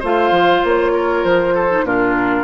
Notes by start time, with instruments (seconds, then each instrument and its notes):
0.00 bassoon A3, clarinet F4, oboe C5, flute F5
0.31 bassoon F3
0.64 bassoon A#3, flute C#5
0.94 oboe A#4
1.24 bassoon F3, flute C5
1.54 oboe A4
1.71 clarinet D#4
1.83 bassoon A#2, clarinet D4, oboe F4, flute A#4